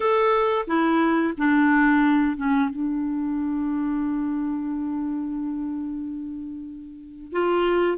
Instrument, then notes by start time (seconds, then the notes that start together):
clarinet
0.00 A4
0.67 E4
1.37 D4
2.36 C#4
2.69 D4
7.32 F4